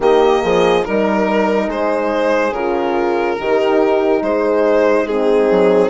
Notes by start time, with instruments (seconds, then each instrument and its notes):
0.00 bassoon D#3, horn A#3 G4, violin D#5
0.42 bassoon F3, horn G#4
0.83 bassoon G3, horn D#4 A#4, violin A#4
1.68 bassoon G#3, horn G#4, violin C5
2.51 bassoon C#3, horn F4, violin A#4
3.39 bassoon D#3, horn D#4 G4
4.22 bassoon G#3, horn G#4, violin C5
5.05 horn C4 D#4, violin G#4
5.51 bassoon F#3